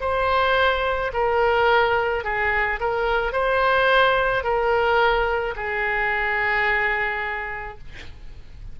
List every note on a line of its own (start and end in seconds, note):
0.00 1.11 C5
1.13 2.24 A#4
2.24 2.79 G#4
2.80 3.32 A#4
3.32 4.43 C5
4.43 5.55 A#4
5.56 7.78 G#4